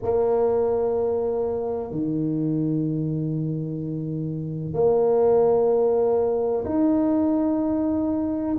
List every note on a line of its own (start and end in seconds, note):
0.02 1.90 A#3
1.90 4.73 D#3
4.73 6.64 A#3
6.65 8.55 D#4